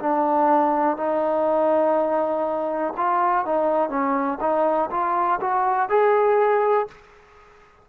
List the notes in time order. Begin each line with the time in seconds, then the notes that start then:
0.00 D4
0.97 D#4
2.97 F4
3.46 D#4
3.89 C#4
4.40 D#4
4.91 F4
5.41 F#4
5.89 G#4